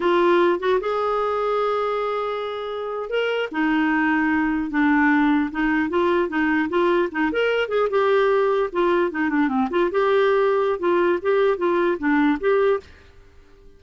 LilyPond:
\new Staff \with { instrumentName = "clarinet" } { \time 4/4 \tempo 4 = 150 f'4. fis'8 gis'2~ | gis'2.~ gis'8. ais'16~ | ais'8. dis'2. d'16~ | d'4.~ d'16 dis'4 f'4 dis'16~ |
dis'8. f'4 dis'8 ais'4 gis'8 g'16~ | g'4.~ g'16 f'4 dis'8 d'8 c'16~ | c'16 f'8 g'2~ g'16 f'4 | g'4 f'4 d'4 g'4 | }